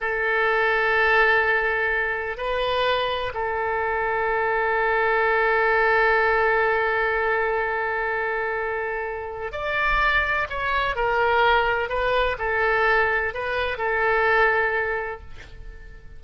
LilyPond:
\new Staff \with { instrumentName = "oboe" } { \time 4/4 \tempo 4 = 126 a'1~ | a'4 b'2 a'4~ | a'1~ | a'1~ |
a'1 | d''2 cis''4 ais'4~ | ais'4 b'4 a'2 | b'4 a'2. | }